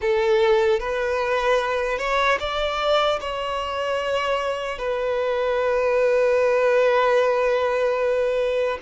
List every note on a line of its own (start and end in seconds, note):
0.01 0.79 A4
0.79 1.98 B4
1.98 2.38 C#5
2.39 3.19 D5
3.20 4.78 C#5
4.78 8.78 B4